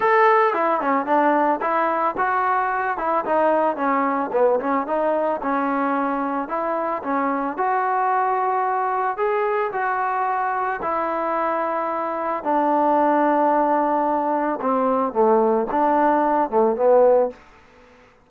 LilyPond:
\new Staff \with { instrumentName = "trombone" } { \time 4/4 \tempo 4 = 111 a'4 e'8 cis'8 d'4 e'4 | fis'4. e'8 dis'4 cis'4 | b8 cis'8 dis'4 cis'2 | e'4 cis'4 fis'2~ |
fis'4 gis'4 fis'2 | e'2. d'4~ | d'2. c'4 | a4 d'4. a8 b4 | }